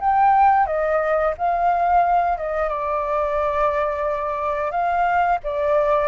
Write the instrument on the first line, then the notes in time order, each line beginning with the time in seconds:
flute
0.00 G5
0.66 D#5
1.38 F5
2.38 D#5
2.69 D5
4.71 F5
5.44 D5